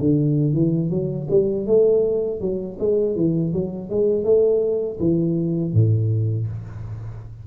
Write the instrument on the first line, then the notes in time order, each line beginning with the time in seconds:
tuba
0.00 D3
0.54 E3
0.91 F#3
1.30 G3
1.67 A3
2.41 F#3
2.80 G#3
3.16 E3
3.53 F#3
3.90 G#3
4.24 A3
5.00 E3
5.73 A2